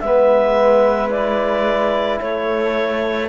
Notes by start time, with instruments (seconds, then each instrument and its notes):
0.00 cello G#3, trombone B3, flute B4, clarinet E5
1.10 trombone E4, clarinet D5
2.20 cello A3, flute A4, clarinet C#5